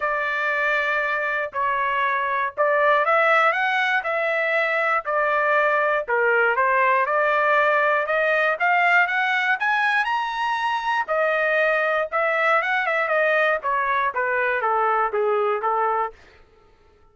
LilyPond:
\new Staff \with { instrumentName = "trumpet" } { \time 4/4 \tempo 4 = 119 d''2. cis''4~ | cis''4 d''4 e''4 fis''4 | e''2 d''2 | ais'4 c''4 d''2 |
dis''4 f''4 fis''4 gis''4 | ais''2 dis''2 | e''4 fis''8 e''8 dis''4 cis''4 | b'4 a'4 gis'4 a'4 | }